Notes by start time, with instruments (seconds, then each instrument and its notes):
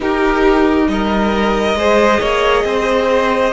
0.00 viola D#4, cello D#4, violin G4 A#4
0.87 cello G3, violin A#4 D#5
1.74 cello G#3, viola G#4, violin C5
2.19 cello A#3, violin C#5
2.64 cello C4, violin C5